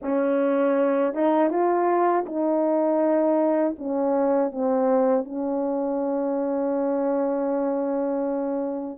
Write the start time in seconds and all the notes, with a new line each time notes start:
0.02 C#4
1.14 D#4
1.50 F4
2.26 D#4
3.78 C#4
4.51 C4
5.24 C#4